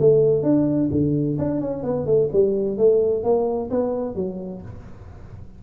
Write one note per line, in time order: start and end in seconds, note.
0.00 0.43 A3
0.43 0.90 D4
0.92 1.38 D3
1.39 1.61 D4
1.61 1.84 C#4
1.84 2.06 B3
2.06 2.30 A3
2.33 2.78 G3
2.78 3.24 A3
3.24 3.71 A#3
3.71 4.16 B3
4.16 4.62 F#3